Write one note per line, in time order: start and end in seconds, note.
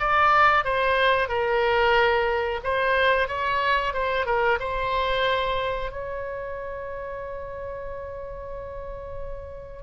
0.00 0.65 D5
0.65 1.29 C5
1.29 2.61 A#4
2.64 3.28 C5
3.28 3.94 C#5
3.94 4.26 C5
4.26 4.59 A#4
4.60 5.92 C5
5.92 9.83 C#5